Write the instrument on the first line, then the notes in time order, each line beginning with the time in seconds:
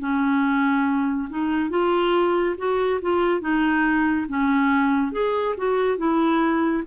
clarinet
0.00 C#4
1.30 D#4
1.70 F4
2.58 F#4
3.02 F4
3.41 D#4
4.29 C#4
5.13 G#4
5.58 F#4
5.98 E4